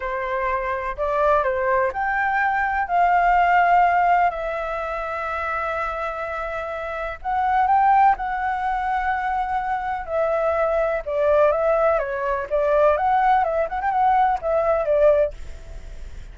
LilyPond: \new Staff \with { instrumentName = "flute" } { \time 4/4 \tempo 4 = 125 c''2 d''4 c''4 | g''2 f''2~ | f''4 e''2.~ | e''2. fis''4 |
g''4 fis''2.~ | fis''4 e''2 d''4 | e''4 cis''4 d''4 fis''4 | e''8 fis''16 g''16 fis''4 e''4 d''4 | }